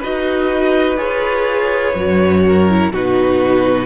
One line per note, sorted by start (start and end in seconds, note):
0.00 0.98 D#4
0.00 0.98 F#4
0.00 2.42 B4
0.00 0.99 D#5
0.98 1.95 F4
0.98 1.94 G#4
0.98 2.92 C#5
1.95 2.92 F#2
1.95 2.69 F#4
2.47 2.93 A#4
2.70 2.94 E4
2.92 3.86 B2
2.92 3.86 D#4
2.92 3.86 F#4
2.92 3.86 B4